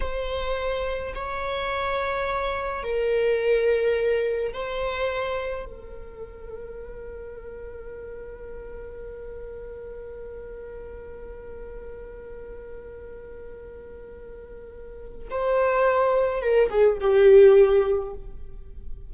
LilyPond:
\new Staff \with { instrumentName = "viola" } { \time 4/4 \tempo 4 = 106 c''2 cis''2~ | cis''4 ais'2. | c''2 ais'2~ | ais'1~ |
ais'1~ | ais'1~ | ais'2. c''4~ | c''4 ais'8 gis'8 g'2 | }